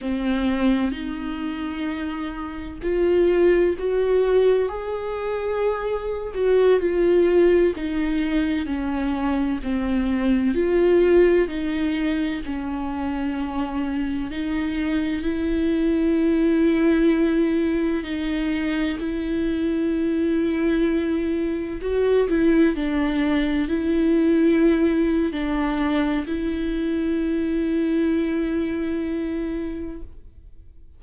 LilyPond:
\new Staff \with { instrumentName = "viola" } { \time 4/4 \tempo 4 = 64 c'4 dis'2 f'4 | fis'4 gis'4.~ gis'16 fis'8 f'8.~ | f'16 dis'4 cis'4 c'4 f'8.~ | f'16 dis'4 cis'2 dis'8.~ |
dis'16 e'2. dis'8.~ | dis'16 e'2. fis'8 e'16~ | e'16 d'4 e'4.~ e'16 d'4 | e'1 | }